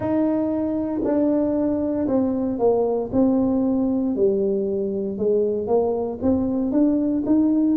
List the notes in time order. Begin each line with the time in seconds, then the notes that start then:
0.00 D#4
1.03 D4
2.07 C4
2.59 A#3
3.12 C4
4.15 G3
5.17 G#3
5.67 A#3
6.22 C4
6.71 D4
7.26 D#4